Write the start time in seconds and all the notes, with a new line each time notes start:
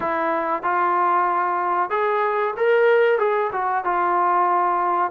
0.00 E4
0.62 F4
1.90 G#4
2.56 A#4
3.19 G#4
3.52 F#4
3.84 F4